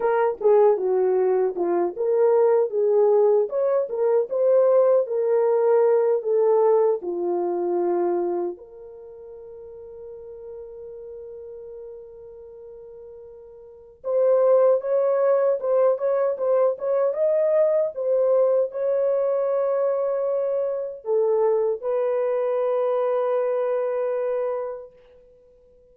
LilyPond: \new Staff \with { instrumentName = "horn" } { \time 4/4 \tempo 4 = 77 ais'8 gis'8 fis'4 f'8 ais'4 gis'8~ | gis'8 cis''8 ais'8 c''4 ais'4. | a'4 f'2 ais'4~ | ais'1~ |
ais'2 c''4 cis''4 | c''8 cis''8 c''8 cis''8 dis''4 c''4 | cis''2. a'4 | b'1 | }